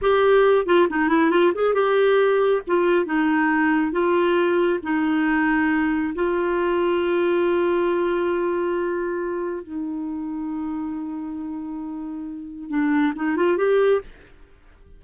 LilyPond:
\new Staff \with { instrumentName = "clarinet" } { \time 4/4 \tempo 4 = 137 g'4. f'8 dis'8 e'8 f'8 gis'8 | g'2 f'4 dis'4~ | dis'4 f'2 dis'4~ | dis'2 f'2~ |
f'1~ | f'2 dis'2~ | dis'1~ | dis'4 d'4 dis'8 f'8 g'4 | }